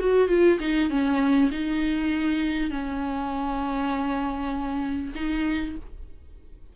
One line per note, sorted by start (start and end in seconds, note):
0.00 0.29 F#4
0.29 0.59 F4
0.60 0.90 D#4
0.90 1.51 C#4
1.52 2.71 D#4
2.71 5.13 C#4
5.15 5.76 D#4